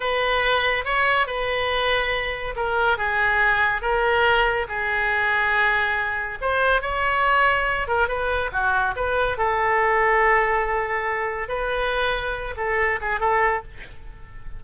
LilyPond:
\new Staff \with { instrumentName = "oboe" } { \time 4/4 \tempo 4 = 141 b'2 cis''4 b'4~ | b'2 ais'4 gis'4~ | gis'4 ais'2 gis'4~ | gis'2. c''4 |
cis''2~ cis''8 ais'8 b'4 | fis'4 b'4 a'2~ | a'2. b'4~ | b'4. a'4 gis'8 a'4 | }